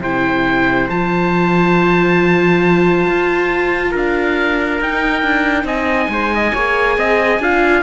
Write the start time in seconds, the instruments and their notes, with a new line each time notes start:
0.00 cello C3, viola E4, trumpet C5, oboe G5
0.89 cello F3, viola F4, oboe A5
3.07 cello F4
3.91 cello D4, trumpet A#4, oboe F5
4.80 cello D#4, viola D#4, oboe G5
5.23 cello D4
5.64 cello C4, trumpet D#5, oboe G#5
6.09 cello G#3, trumpet C5
6.35 trumpet D#5
6.54 cello A#3, viola G#4, trumpet C#5
6.98 cello C4, trumpet D#5
7.39 cello D4, viola F4, trumpet F5